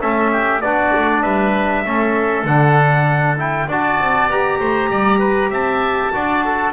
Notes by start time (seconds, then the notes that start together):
0.00 A3 C#4 A4 E5
0.32 G4
0.61 B3 D4 F#4 D5
0.95 A3
1.22 G3 B4 E5
1.85 A3 C#4 A4
2.44 D3 D4 F#5
3.37 E4 G5
3.68 D4 F#4 D5 A5
3.99 C4
4.27 B3 G4 A#5
4.59 A3 C5
4.90 G3 D5
5.19 B4
5.50 C4 E5 A5
6.13 D4 F#4 D5
6.45 A4